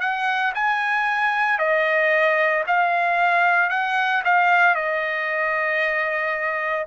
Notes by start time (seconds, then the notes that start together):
0.00 F#5
0.55 G#5
1.58 D#5
2.67 F5
3.70 F#5
4.24 F5
4.75 D#5